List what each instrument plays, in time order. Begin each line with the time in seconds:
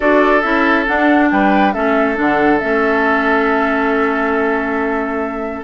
0.00 bassoon D4, clarinet F#4, oboe A4, flute D5
0.41 bassoon C#4, clarinet E4, flute E5
0.86 clarinet D4, bassoon D4, flute F#5
1.30 bassoon G3, oboe B4, flute G5
1.73 bassoon A3, clarinet C#4, oboe A4, flute E5
2.15 bassoon D3, clarinet D4, flute F#5
2.58 bassoon A3, clarinet C#4, flute E5